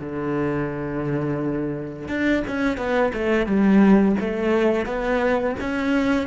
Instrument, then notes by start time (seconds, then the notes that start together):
cello
0.00 D3
2.08 D4
2.48 C#4
2.77 B3
3.14 A3
3.46 G3
4.21 A3
4.86 B3
5.60 C#4